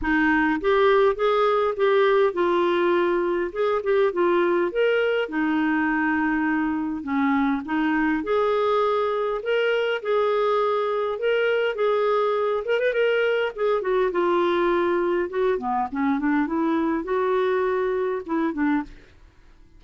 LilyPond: \new Staff \with { instrumentName = "clarinet" } { \time 4/4 \tempo 4 = 102 dis'4 g'4 gis'4 g'4 | f'2 gis'8 g'8 f'4 | ais'4 dis'2. | cis'4 dis'4 gis'2 |
ais'4 gis'2 ais'4 | gis'4. ais'16 b'16 ais'4 gis'8 fis'8 | f'2 fis'8 b8 cis'8 d'8 | e'4 fis'2 e'8 d'8 | }